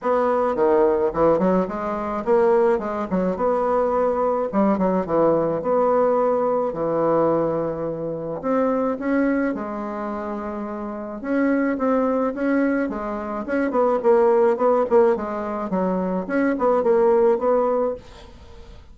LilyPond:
\new Staff \with { instrumentName = "bassoon" } { \time 4/4 \tempo 4 = 107 b4 dis4 e8 fis8 gis4 | ais4 gis8 fis8 b2 | g8 fis8 e4 b2 | e2. c'4 |
cis'4 gis2. | cis'4 c'4 cis'4 gis4 | cis'8 b8 ais4 b8 ais8 gis4 | fis4 cis'8 b8 ais4 b4 | }